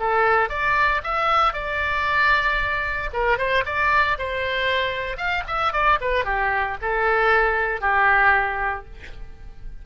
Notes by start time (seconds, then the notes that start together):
0.00 A4
0.50 D5
1.04 E5
1.54 D5
3.14 A#4
3.38 C5
3.66 D5
4.19 C5
5.17 F5
5.48 E5
5.73 D5
6.01 B4
6.25 G4
6.82 A4
7.81 G4